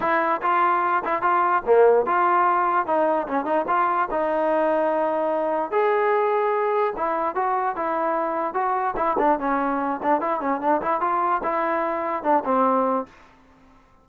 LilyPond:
\new Staff \with { instrumentName = "trombone" } { \time 4/4 \tempo 4 = 147 e'4 f'4. e'8 f'4 | ais4 f'2 dis'4 | cis'8 dis'8 f'4 dis'2~ | dis'2 gis'2~ |
gis'4 e'4 fis'4 e'4~ | e'4 fis'4 e'8 d'8 cis'4~ | cis'8 d'8 e'8 cis'8 d'8 e'8 f'4 | e'2 d'8 c'4. | }